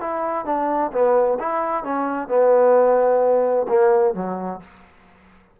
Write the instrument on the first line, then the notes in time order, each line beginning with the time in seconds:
trombone
0.00 E4
0.45 D4
0.92 B3
1.39 E4
1.84 C#4
2.28 B3
3.68 A#3
4.14 F#3